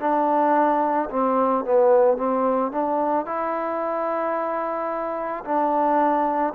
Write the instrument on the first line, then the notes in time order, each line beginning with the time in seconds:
trombone
0.00 D4
1.10 C4
1.65 B3
2.17 C4
2.72 D4
3.26 E4
5.44 D4